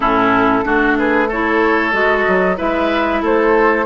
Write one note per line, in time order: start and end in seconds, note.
0.00 0.64 A2
0.00 0.63 C#4
0.00 0.64 E4
0.00 0.95 A4
0.63 1.93 A3
0.63 1.28 D4
0.63 0.97 F#4
0.98 1.28 G#4
0.98 1.30 B4
1.28 1.92 E4
1.28 2.57 A4
1.28 1.92 C#5
1.92 2.25 G#3
1.92 2.56 F#4
1.92 2.57 D#5
2.27 2.59 F#3
2.56 3.22 G#3
2.56 3.85 E4
2.56 3.21 B4
2.56 3.23 E5
3.22 3.85 A3
3.22 3.85 A4
3.22 3.85 C5